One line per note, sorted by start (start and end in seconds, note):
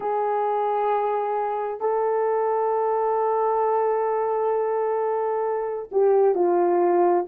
0.00 1.80 G#4
1.80 5.89 A4
5.91 6.34 G4
6.34 7.25 F4